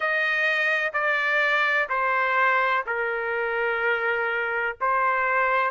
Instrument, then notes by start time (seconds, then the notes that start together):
trumpet
0.00 D#5
0.93 D5
1.89 C5
2.86 A#4
4.81 C5